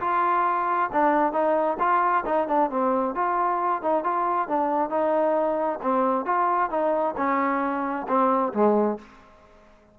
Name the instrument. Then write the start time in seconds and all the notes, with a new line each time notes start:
trombone
0.00 F4
0.92 D4
1.32 D#4
1.79 F4
2.25 D#4
2.47 D4
2.70 C4
3.15 F4
3.82 D#4
4.03 F4
4.48 D4
4.89 D#4
5.82 C4
6.25 F4
6.70 D#4
7.17 C#4
8.08 C4
8.53 G#3